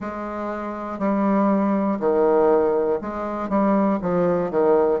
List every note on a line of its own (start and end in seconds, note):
0.00 0.99 G#3
0.99 1.99 G3
2.00 3.00 D#3
3.01 3.49 G#3
3.49 3.99 G3
4.01 4.50 F3
4.50 5.00 D#3